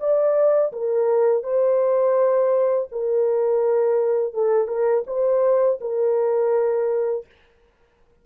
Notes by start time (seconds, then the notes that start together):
0.00 D5
0.73 A#4
1.44 C5
2.92 A#4
4.34 A4
4.68 A#4
5.07 C5
5.81 A#4